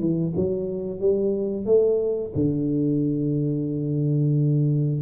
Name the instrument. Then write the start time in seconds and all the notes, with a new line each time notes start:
tuba
0.00 E3
0.36 F#3
1.00 G3
1.66 A3
2.35 D3